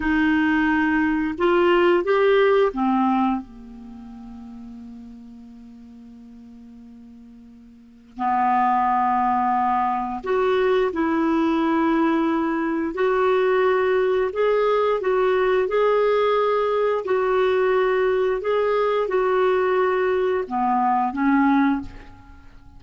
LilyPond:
\new Staff \with { instrumentName = "clarinet" } { \time 4/4 \tempo 4 = 88 dis'2 f'4 g'4 | c'4 ais2.~ | ais1 | b2. fis'4 |
e'2. fis'4~ | fis'4 gis'4 fis'4 gis'4~ | gis'4 fis'2 gis'4 | fis'2 b4 cis'4 | }